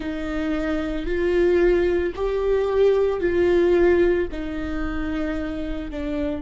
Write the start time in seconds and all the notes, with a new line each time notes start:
0.00 D#4
1.06 F4
2.15 G4
3.20 F4
4.31 D#4
5.90 D4